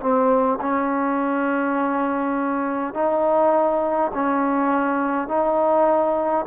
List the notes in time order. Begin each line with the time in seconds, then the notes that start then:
0.00 C4
0.61 C#4
2.94 D#4
4.14 C#4
5.28 D#4